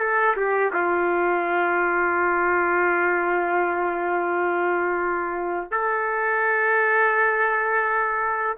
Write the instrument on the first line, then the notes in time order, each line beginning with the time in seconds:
trumpet
0.00 A4
0.37 G4
0.74 F4
5.72 A4